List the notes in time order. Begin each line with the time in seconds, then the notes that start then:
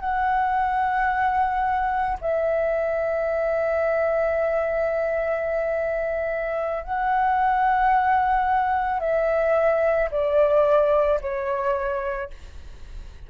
0.00 F#5
2.22 E5
6.84 F#5
9.00 E5
10.11 D5
11.22 C#5